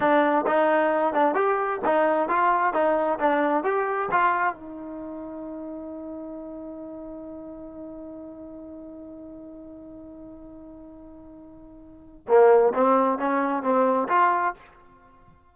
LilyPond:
\new Staff \with { instrumentName = "trombone" } { \time 4/4 \tempo 4 = 132 d'4 dis'4. d'8 g'4 | dis'4 f'4 dis'4 d'4 | g'4 f'4 dis'2~ | dis'1~ |
dis'1~ | dis'1~ | dis'2. ais4 | c'4 cis'4 c'4 f'4 | }